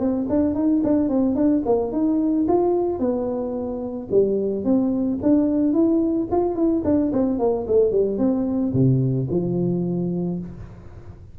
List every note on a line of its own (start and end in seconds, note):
0.00 0.27 C4
0.29 0.55 D4
0.55 0.82 D#4
0.84 1.09 D4
1.09 1.35 C4
1.35 1.63 D4
1.66 1.92 A#3
1.92 2.47 D#4
2.48 2.99 F4
2.99 4.08 B3
4.11 4.65 G3
4.65 5.19 C4
5.23 5.73 D4
5.73 6.28 E4
6.32 6.55 F4
6.55 6.83 E4
6.85 7.12 D4
7.13 7.39 C4
7.39 7.66 A#3
7.68 7.92 A3
7.92 8.18 G3
8.18 8.73 C4
8.73 9.28 C3
9.30 10.39 F3